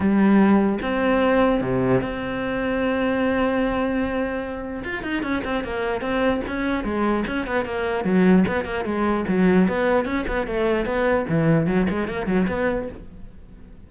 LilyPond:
\new Staff \with { instrumentName = "cello" } { \time 4/4 \tempo 4 = 149 g2 c'2 | c4 c'2.~ | c'1 | f'8 dis'8 cis'8 c'8 ais4 c'4 |
cis'4 gis4 cis'8 b8 ais4 | fis4 b8 ais8 gis4 fis4 | b4 cis'8 b8 a4 b4 | e4 fis8 gis8 ais8 fis8 b4 | }